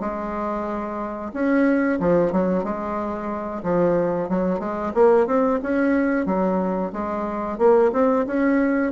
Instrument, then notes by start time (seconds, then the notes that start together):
bassoon
0.00 G#3
1.33 C#4
2.00 F3
2.32 F#3
2.64 G#3
3.63 F3
4.29 F#3
4.59 G#3
4.94 A#3
5.27 C4
5.63 C#4
6.26 F#3
6.93 G#3
7.58 A#3
7.93 C4
8.27 C#4